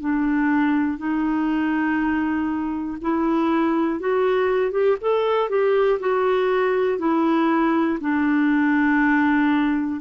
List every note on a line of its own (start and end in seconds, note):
0.00 0.97 D4
0.97 2.97 D#4
3.01 3.99 E4
3.99 4.71 F#4
4.71 4.96 G4
5.00 5.49 A4
5.49 5.99 G4
6.00 6.99 F#4
6.99 7.99 E4
8.00 10.00 D4